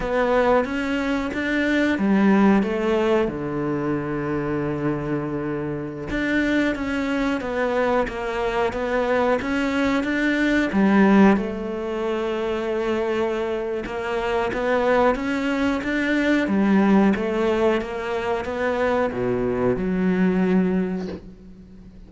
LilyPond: \new Staff \with { instrumentName = "cello" } { \time 4/4 \tempo 4 = 91 b4 cis'4 d'4 g4 | a4 d2.~ | d4~ d16 d'4 cis'4 b8.~ | b16 ais4 b4 cis'4 d'8.~ |
d'16 g4 a2~ a8.~ | a4 ais4 b4 cis'4 | d'4 g4 a4 ais4 | b4 b,4 fis2 | }